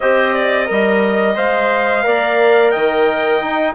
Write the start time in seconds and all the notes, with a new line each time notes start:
0.00 C4 G4 C5 D#5
0.34 D5
0.66 G3 A#4 D#5
1.35 G#3 C5 F5
2.03 A#3 A#4 D5
2.71 D#3 D#5 G5
3.40 D#4